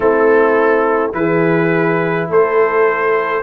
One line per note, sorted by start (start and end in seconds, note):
0.00 1.13 A3
0.00 1.13 C4
0.00 1.14 E4
0.00 1.11 A4
1.13 2.28 E3
1.13 3.43 E4
1.13 2.29 G#4
1.13 2.29 B4
2.28 3.43 A3
2.28 3.43 A4
2.28 3.43 C5